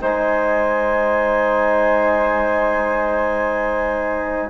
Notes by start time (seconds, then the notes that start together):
0.00 G#3 D#4 C5 G#5